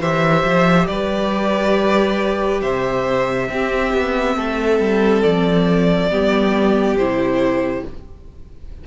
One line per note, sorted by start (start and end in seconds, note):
0.00 0.43 E3
0.00 3.49 G4
0.00 0.87 C5
0.00 0.87 E5
0.45 0.88 F3
0.87 2.62 G3
0.87 2.62 B4
0.87 2.61 D5
2.62 3.49 C3
2.62 3.49 C5
2.62 5.23 E5
3.50 3.93 C4
3.50 6.11 C4
3.50 4.37 G4
3.93 4.37 B3
4.37 4.80 A3
4.37 6.11 A4
4.80 5.23 G3
5.23 6.11 F3
5.23 6.97 D5
6.11 6.96 G3
6.11 6.98 B3
6.11 7.84 G4
6.96 7.83 C3
6.96 7.87 E4
6.96 7.84 C5